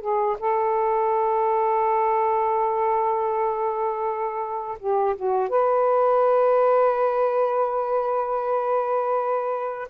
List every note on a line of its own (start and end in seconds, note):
0.00 0.37 G#4
0.39 4.78 A4
4.79 5.16 G4
5.16 5.49 F#4
5.49 9.88 B4